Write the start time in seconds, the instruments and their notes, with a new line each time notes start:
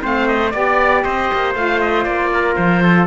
0.00 cello A3, saxophone C4, trumpet C5, oboe F5
0.27 oboe D#5
0.50 cello B3, saxophone G4, oboe D5, trumpet D5
1.03 cello C4, trumpet C5, oboe D#5
1.33 cello A#3
1.54 cello A3, saxophone F4, oboe F5
1.81 oboe D#5
2.04 cello A#3, oboe D5
2.33 trumpet A#4
2.55 cello F3, oboe C5
2.82 trumpet A4